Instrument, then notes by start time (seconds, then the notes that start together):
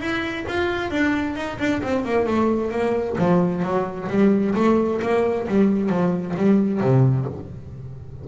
double bass
0.00 E4
0.48 F4
0.91 D4
1.36 D#4
1.59 D4
1.83 C4
2.05 A#3
2.26 A3
2.71 A#3
3.18 F3
3.62 F#3
4.09 G3
4.55 A3
5.02 A#3
5.48 G3
5.89 F3
6.36 G3
6.81 C3